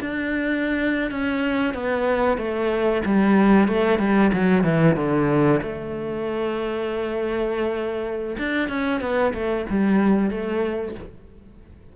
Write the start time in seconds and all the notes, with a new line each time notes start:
0.00 D4
1.11 C#4
1.74 B3
2.38 A3
3.05 G3
3.68 A3
3.99 G3
4.33 F#3
4.64 E3
4.96 D3
5.62 A3
8.38 D4
8.69 C#4
9.01 B3
9.34 A3
9.69 G3
10.30 A3